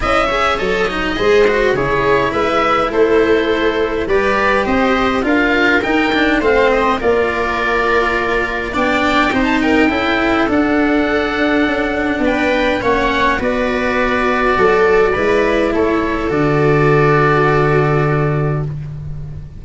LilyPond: <<
  \new Staff \with { instrumentName = "oboe" } { \time 4/4 \tempo 4 = 103 e''4 dis''2 cis''4 | e''4 c''2 d''4 | dis''4 f''4 g''4 f''8 dis''8 | d''2. g''4~ |
g''16 a''16 g''4. fis''2~ | fis''4 g''4 fis''4 d''4~ | d''2. cis''4 | d''1 | }
  \new Staff \with { instrumentName = "viola" } { \time 4/4 dis''8 cis''4. c''4 gis'4 | b'4 a'2 b'4 | c''4 ais'2 c''4 | ais'2. d''4 |
c''8 ais'8 a'2.~ | a'4 b'4 cis''4 b'4~ | b'4 a'4 b'4 a'4~ | a'1 | }
  \new Staff \with { instrumentName = "cello" } { \time 4/4 e'8 gis'8 a'8 dis'8 gis'8 fis'8 e'4~ | e'2. g'4~ | g'4 f'4 dis'8 d'8 c'4 | f'2. d'4 |
dis'4 e'4 d'2~ | d'2 cis'4 fis'4~ | fis'2 e'2 | fis'1 | }
  \new Staff \with { instrumentName = "tuba" } { \time 4/4 cis'4 fis4 gis4 cis4 | gis4 a2 g4 | c'4 d'4 dis'4 a4 | ais2. b4 |
c'4 cis'4 d'2 | cis'4 b4 ais4 b4~ | b4 fis4 gis4 a4 | d1 | }
>>